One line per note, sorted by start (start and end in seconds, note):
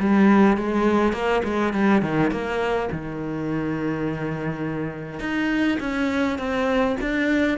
0.00 0.57 G3
0.57 1.13 G#3
1.13 1.42 A#3
1.44 1.73 G#3
1.73 2.03 G3
2.03 2.31 D#3
2.31 2.90 A#3
2.92 5.20 D#3
5.20 5.78 D#4
5.80 6.39 C#4
6.39 6.97 C4
7.01 7.58 D4